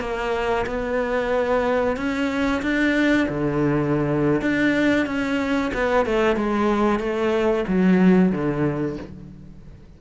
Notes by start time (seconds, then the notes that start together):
0.00 A#3
0.66 B3
1.96 C#4
2.62 D4
3.29 D3
4.41 D4
5.06 C#4
5.74 B3
6.06 A3
6.36 G#3
6.99 A3
7.68 F#3
8.32 D3